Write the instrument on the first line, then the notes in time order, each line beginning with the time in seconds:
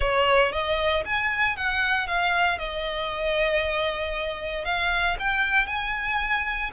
violin
0.00 C#5
0.52 D#5
1.05 G#5
1.56 F#5
2.07 F5
2.58 D#5
4.65 F5
5.19 G5
5.66 G#5